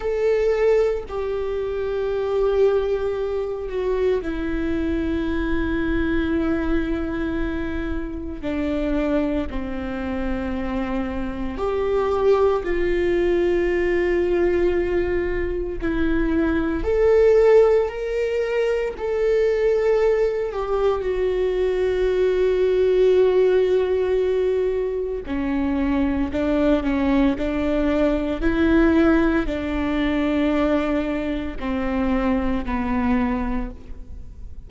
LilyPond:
\new Staff \with { instrumentName = "viola" } { \time 4/4 \tempo 4 = 57 a'4 g'2~ g'8 fis'8 | e'1 | d'4 c'2 g'4 | f'2. e'4 |
a'4 ais'4 a'4. g'8 | fis'1 | cis'4 d'8 cis'8 d'4 e'4 | d'2 c'4 b4 | }